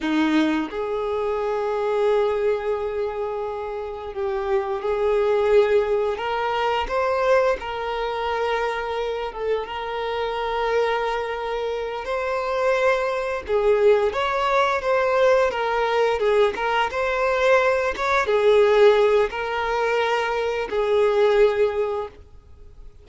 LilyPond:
\new Staff \with { instrumentName = "violin" } { \time 4/4 \tempo 4 = 87 dis'4 gis'2.~ | gis'2 g'4 gis'4~ | gis'4 ais'4 c''4 ais'4~ | ais'4. a'8 ais'2~ |
ais'4. c''2 gis'8~ | gis'8 cis''4 c''4 ais'4 gis'8 | ais'8 c''4. cis''8 gis'4. | ais'2 gis'2 | }